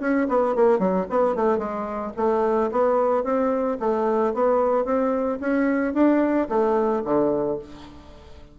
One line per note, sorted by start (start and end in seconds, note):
0.00 0.27 C#4
0.28 0.55 B3
0.55 0.79 A#3
0.79 1.06 F#3
1.10 1.35 B3
1.35 1.58 A3
1.58 2.12 G#3
2.16 2.70 A3
2.71 3.24 B3
3.24 3.78 C4
3.79 4.33 A3
4.33 4.85 B3
4.85 5.39 C4
5.40 5.94 C#4
5.94 6.48 D4
6.49 7.03 A3
7.04 7.58 D3